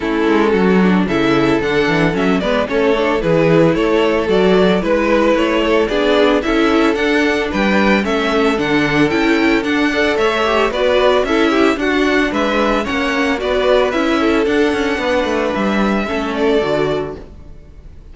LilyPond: <<
  \new Staff \with { instrumentName = "violin" } { \time 4/4 \tempo 4 = 112 a'2 e''4 fis''4 | e''8 d''8 cis''4 b'4 cis''4 | d''4 b'4 cis''4 d''4 | e''4 fis''4 g''4 e''4 |
fis''4 g''4 fis''4 e''4 | d''4 e''4 fis''4 e''4 | fis''4 d''4 e''4 fis''4~ | fis''4 e''4. d''4. | }
  \new Staff \with { instrumentName = "violin" } { \time 4/4 e'4 fis'4 a'2~ | a'8 b'8 a'4 gis'4 a'4~ | a'4 b'4. a'8 gis'4 | a'2 b'4 a'4~ |
a'2~ a'8 d''8 cis''4 | b'4 a'8 g'8 fis'4 b'4 | cis''4 b'4. a'4. | b'2 a'2 | }
  \new Staff \with { instrumentName = "viola" } { \time 4/4 cis'4. d'8 e'4 d'4 | cis'8 b8 cis'8 d'8 e'2 | fis'4 e'2 d'4 | e'4 d'2 cis'4 |
d'4 e'4 d'8 a'4 g'8 | fis'4 e'4 d'2 | cis'4 fis'4 e'4 d'4~ | d'2 cis'4 fis'4 | }
  \new Staff \with { instrumentName = "cello" } { \time 4/4 a8 gis8 fis4 cis4 d8 e8 | fis8 gis8 a4 e4 a4 | fis4 gis4 a4 b4 | cis'4 d'4 g4 a4 |
d4 cis'4 d'4 a4 | b4 cis'4 d'4 gis4 | ais4 b4 cis'4 d'8 cis'8 | b8 a8 g4 a4 d4 | }
>>